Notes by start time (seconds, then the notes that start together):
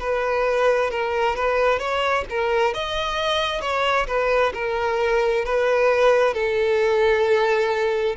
0.00 B4
0.91 A#4
1.36 B4
1.79 C#5
2.30 A#4
2.74 D#5
3.62 C#5
4.07 B4
4.55 A#4
5.45 B4
6.34 A4